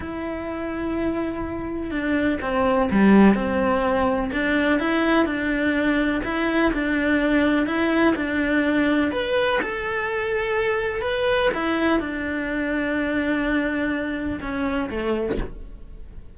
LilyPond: \new Staff \with { instrumentName = "cello" } { \time 4/4 \tempo 4 = 125 e'1 | d'4 c'4 g4 c'4~ | c'4 d'4 e'4 d'4~ | d'4 e'4 d'2 |
e'4 d'2 b'4 | a'2. b'4 | e'4 d'2.~ | d'2 cis'4 a4 | }